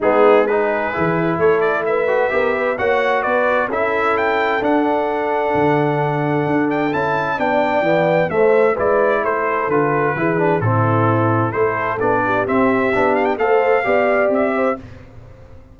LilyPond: <<
  \new Staff \with { instrumentName = "trumpet" } { \time 4/4 \tempo 4 = 130 gis'4 b'2 cis''8 d''8 | e''2 fis''4 d''4 | e''4 g''4 fis''2~ | fis''2~ fis''8 g''8 a''4 |
g''2 e''4 d''4 | c''4 b'2 a'4~ | a'4 c''4 d''4 e''4~ | e''8 f''16 g''16 f''2 e''4 | }
  \new Staff \with { instrumentName = "horn" } { \time 4/4 dis'4 gis'2 a'4 | b'4 ais'8 b'8 cis''4 b'4 | a'1~ | a'1 |
d''2 c''4 b'4 | a'2 gis'4 e'4~ | e'4 a'4. g'4.~ | g'4 c''4 d''4. c''8 | }
  \new Staff \with { instrumentName = "trombone" } { \time 4/4 b4 dis'4 e'2~ | e'8 fis'8 g'4 fis'2 | e'2 d'2~ | d'2. e'4 |
d'4 b4 a4 e'4~ | e'4 f'4 e'8 d'8 c'4~ | c'4 e'4 d'4 c'4 | d'4 a'4 g'2 | }
  \new Staff \with { instrumentName = "tuba" } { \time 4/4 gis2 e4 a4~ | a4 b4 ais4 b4 | cis'2 d'2 | d2 d'4 cis'4 |
b4 e4 a4 gis4 | a4 d4 e4 a,4~ | a,4 a4 b4 c'4 | b4 a4 b4 c'4 | }
>>